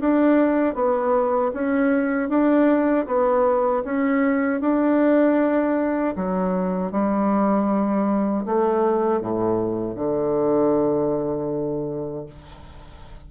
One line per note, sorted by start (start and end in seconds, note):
0.00 0.75 D4
0.75 1.52 B3
1.54 2.29 C#4
2.29 3.06 D4
3.07 3.84 B3
3.84 4.61 C#4
4.61 6.15 D4
6.16 6.92 F#3
6.92 8.45 G3
8.46 9.21 A3
9.21 9.95 A2
9.95 12.26 D3